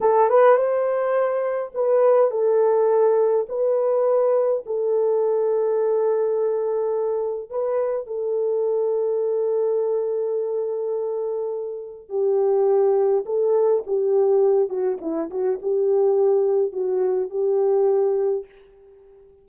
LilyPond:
\new Staff \with { instrumentName = "horn" } { \time 4/4 \tempo 4 = 104 a'8 b'8 c''2 b'4 | a'2 b'2 | a'1~ | a'4 b'4 a'2~ |
a'1~ | a'4 g'2 a'4 | g'4. fis'8 e'8 fis'8 g'4~ | g'4 fis'4 g'2 | }